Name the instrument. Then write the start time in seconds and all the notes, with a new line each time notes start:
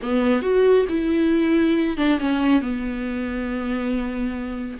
viola
0.02 B3
0.42 F#4
0.89 E4
1.97 D4
2.19 C#4
2.61 B3